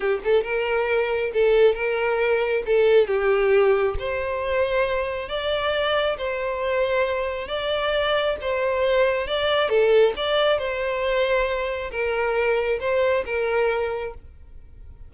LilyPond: \new Staff \with { instrumentName = "violin" } { \time 4/4 \tempo 4 = 136 g'8 a'8 ais'2 a'4 | ais'2 a'4 g'4~ | g'4 c''2. | d''2 c''2~ |
c''4 d''2 c''4~ | c''4 d''4 a'4 d''4 | c''2. ais'4~ | ais'4 c''4 ais'2 | }